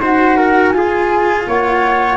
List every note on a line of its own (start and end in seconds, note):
0.00 0.73 D#4
0.00 0.75 F#4
0.00 0.38 C5
0.00 0.70 F#5
0.38 0.74 A#4
0.70 1.46 F4
0.70 2.18 F4
0.70 1.43 G#5
0.77 1.48 G#4
1.48 2.18 A#3
1.48 2.18 C#5
1.48 2.18 F#5